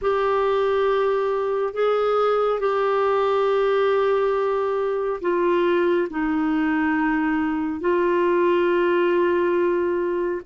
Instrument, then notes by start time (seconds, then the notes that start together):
clarinet
0.01 G4
1.73 G#4
2.59 G4
5.21 F4
6.10 D#4
7.80 F4